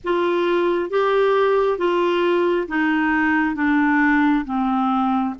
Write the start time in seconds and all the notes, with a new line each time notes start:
0.04 F4
0.90 G4
1.77 F4
2.67 D#4
3.55 D4
4.45 C4